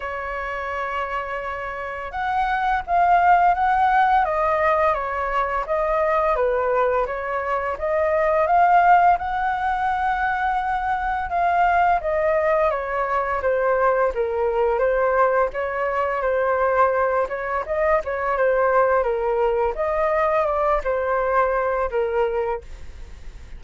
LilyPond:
\new Staff \with { instrumentName = "flute" } { \time 4/4 \tempo 4 = 85 cis''2. fis''4 | f''4 fis''4 dis''4 cis''4 | dis''4 b'4 cis''4 dis''4 | f''4 fis''2. |
f''4 dis''4 cis''4 c''4 | ais'4 c''4 cis''4 c''4~ | c''8 cis''8 dis''8 cis''8 c''4 ais'4 | dis''4 d''8 c''4. ais'4 | }